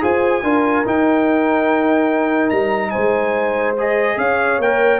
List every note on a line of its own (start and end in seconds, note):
0.00 0.43 F4
0.00 0.42 G#4
0.00 0.42 C5
0.00 0.87 G#5
0.42 0.84 D4
0.42 0.85 F4
0.42 2.91 A#4
0.85 3.76 D#4
0.85 2.51 D#4
0.85 2.49 G5
2.49 2.93 G3
2.49 2.90 A#5
2.90 4.16 C5
2.90 3.73 G#5
2.96 4.16 G#3
3.78 4.61 G#4
3.78 4.18 D#5
4.16 4.58 C#4
4.16 4.99 C#5
4.16 4.60 F5
4.58 4.99 A#3
4.58 4.99 A#4
4.58 4.99 G5